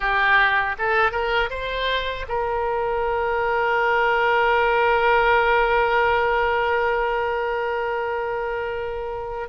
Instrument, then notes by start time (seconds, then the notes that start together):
oboe
0.00 G4
0.78 A4
1.12 A#4
1.49 C5
2.28 A#4